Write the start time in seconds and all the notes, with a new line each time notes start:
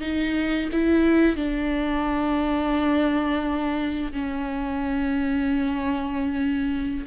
0.00 D#4
0.72 E4
1.36 D4
4.12 C#4